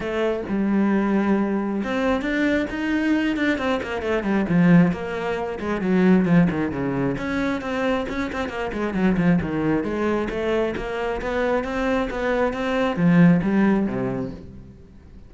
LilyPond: \new Staff \with { instrumentName = "cello" } { \time 4/4 \tempo 4 = 134 a4 g2. | c'4 d'4 dis'4. d'8 | c'8 ais8 a8 g8 f4 ais4~ | ais8 gis8 fis4 f8 dis8 cis4 |
cis'4 c'4 cis'8 c'8 ais8 gis8 | fis8 f8 dis4 gis4 a4 | ais4 b4 c'4 b4 | c'4 f4 g4 c4 | }